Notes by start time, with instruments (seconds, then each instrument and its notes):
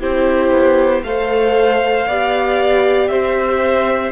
0.00 cello C4, viola E4, violin G4 C5
0.52 cello B3
1.03 cello A3, viola A4, violin C5 F5
2.07 cello B3, viola G4, violin D5
3.08 cello C4, violin C5 E5